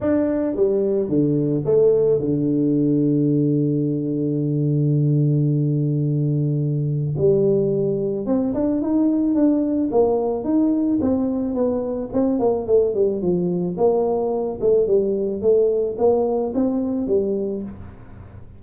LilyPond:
\new Staff \with { instrumentName = "tuba" } { \time 4/4 \tempo 4 = 109 d'4 g4 d4 a4 | d1~ | d1~ | d4 g2 c'8 d'8 |
dis'4 d'4 ais4 dis'4 | c'4 b4 c'8 ais8 a8 g8 | f4 ais4. a8 g4 | a4 ais4 c'4 g4 | }